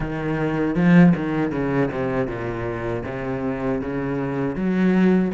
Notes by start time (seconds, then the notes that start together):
0.00 D#3
0.75 F3
1.15 D#3
1.51 C#3
1.91 C3
2.27 A#2
3.05 C3
3.81 C#3
4.55 F#3